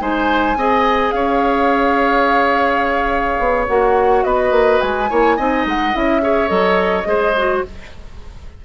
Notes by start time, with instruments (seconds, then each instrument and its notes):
0.00 bassoon G#3, clarinet D#4, oboe C5, flute G#5
0.56 bassoon C4, clarinet G#4, oboe D#5
1.12 bassoon C#4, oboe C#5, flute F5
3.39 bassoon B3
3.68 bassoon A#3, clarinet F#4, flute F#5
4.24 bassoon B3, oboe B4, flute D#5
4.51 bassoon A#3
4.81 bassoon G#3, flute G#5
5.10 bassoon A#3, clarinet E4, oboe C#5
5.37 bassoon C4, clarinet D#4, oboe D#5
5.66 bassoon G#3, flute F#5
5.93 bassoon C#4, clarinet E4, flute E5
6.22 clarinet G#4, oboe C#5
6.48 bassoon F#3, clarinet A4, flute D#5
7.05 bassoon G#3, clarinet G#4, oboe C5
7.37 clarinet F#4